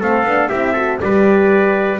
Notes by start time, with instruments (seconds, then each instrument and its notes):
0.00 double bass A3, horn C4, trumpet A4 F5
0.23 double bass B3, horn D4
0.48 double bass C4, horn E4, trumpet G4 E5
0.73 horn F#4, trumpet A4
1.01 double bass G3, horn G4, trumpet B4 D5